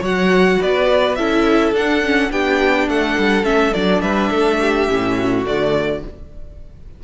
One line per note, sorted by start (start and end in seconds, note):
0.00 0.58 F#3
0.00 1.17 F#4
0.00 0.57 C#5
0.00 0.62 F#5
0.61 1.18 B3
0.61 1.17 B4
0.61 1.15 D5
1.15 1.71 C#4
1.15 1.75 E4
1.15 2.31 A4
1.15 1.72 E5
1.71 2.28 D4
1.71 2.03 D4
1.71 2.31 F#5
2.04 2.30 C#4
2.30 2.88 B3
2.30 3.43 D4
2.30 2.88 G4
2.30 2.89 G5
2.88 3.16 A3
2.88 4.02 A4
2.88 3.45 F#5
3.18 3.43 G3
3.43 3.72 A3
3.43 3.72 C#4
3.43 3.73 E5
3.73 4.01 F#3
3.73 4.88 D4
3.73 4.02 D5
4.01 4.30 G3
4.01 4.30 B4
4.01 5.44 E5
4.30 4.88 A3
4.30 4.59 A4
4.61 5.17 G4
4.88 5.45 A2
4.88 5.45 C#4
5.17 6.03 F#4
5.45 6.03 D3
5.45 6.02 A3
5.45 6.03 D5